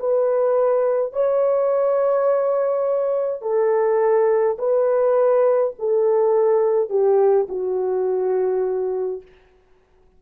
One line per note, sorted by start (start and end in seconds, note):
0.00 1.13 B4
1.13 3.42 C#5
3.42 4.57 A4
4.59 5.74 B4
5.79 6.90 A4
6.90 7.47 G4
7.49 9.22 F#4